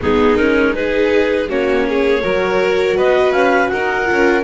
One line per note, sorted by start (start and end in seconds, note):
0.01 1.49 G#3
0.01 0.38 B3
0.01 0.76 D#4
0.01 0.36 G#4
0.36 0.73 C#4
0.36 0.73 A#4
0.73 1.48 D#4
0.73 1.49 G#4
0.73 1.48 B4
1.49 2.23 A#3
1.49 2.21 C#4
1.49 1.86 F#4
1.49 2.98 C#5
1.88 2.22 G#4
2.21 2.96 F#3
2.21 4.05 F#4
2.21 2.96 A#4
2.96 3.32 B3
2.96 3.70 B4
2.96 3.32 D#5
3.32 3.69 C#4
3.32 3.68 F5
3.68 4.10 D#4
3.68 4.43 A#4
3.68 4.42 F#5
4.05 4.42 F4
4.11 4.43 C#4